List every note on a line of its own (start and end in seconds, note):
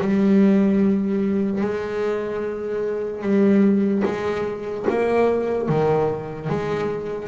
0.00 1.61 G3
1.61 3.22 G#3
3.22 4.03 G3
4.05 4.86 G#3
4.90 5.69 A#3
5.69 6.50 D#3
6.50 7.29 G#3